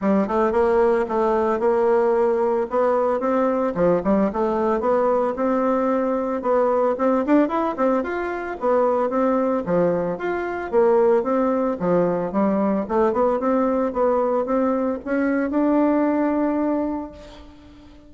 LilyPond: \new Staff \with { instrumentName = "bassoon" } { \time 4/4 \tempo 4 = 112 g8 a8 ais4 a4 ais4~ | ais4 b4 c'4 f8 g8 | a4 b4 c'2 | b4 c'8 d'8 e'8 c'8 f'4 |
b4 c'4 f4 f'4 | ais4 c'4 f4 g4 | a8 b8 c'4 b4 c'4 | cis'4 d'2. | }